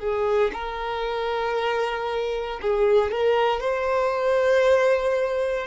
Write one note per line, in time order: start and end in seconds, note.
0.00 0.52 G#4
0.54 2.61 A#4
2.62 3.12 G#4
3.12 3.61 A#4
3.61 5.67 C5